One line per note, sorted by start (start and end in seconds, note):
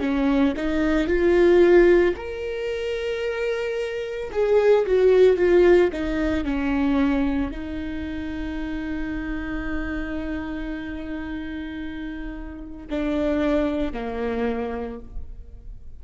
0.00 0.54 C#4
0.56 1.07 D#4
1.07 2.14 F4
2.16 4.31 A#4
4.32 4.86 G#4
4.86 5.37 F#4
5.37 5.90 F4
5.92 6.44 D#4
6.44 7.51 C#4
7.51 12.87 D#4
12.90 13.93 D4
13.93 15.00 A#3